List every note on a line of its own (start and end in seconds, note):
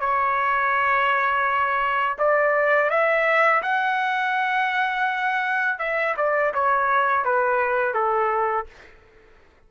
0.00 2.17 C#5
2.18 2.89 D5
2.89 3.62 E5
3.62 5.79 F#5
5.79 6.15 E5
6.17 6.53 D5
6.54 7.25 C#5
7.25 7.94 B4
7.94 8.66 A4